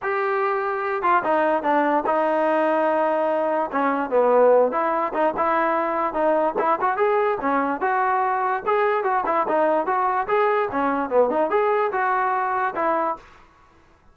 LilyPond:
\new Staff \with { instrumentName = "trombone" } { \time 4/4 \tempo 4 = 146 g'2~ g'8 f'8 dis'4 | d'4 dis'2.~ | dis'4 cis'4 b4. e'8~ | e'8 dis'8 e'2 dis'4 |
e'8 fis'8 gis'4 cis'4 fis'4~ | fis'4 gis'4 fis'8 e'8 dis'4 | fis'4 gis'4 cis'4 b8 dis'8 | gis'4 fis'2 e'4 | }